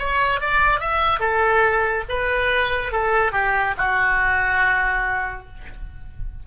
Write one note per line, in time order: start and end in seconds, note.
0.00 0.41 C#5
0.41 0.80 D5
0.80 1.20 E5
1.20 2.04 A4
2.09 2.92 B4
2.92 3.32 A4
3.32 3.75 G4
3.78 5.47 F#4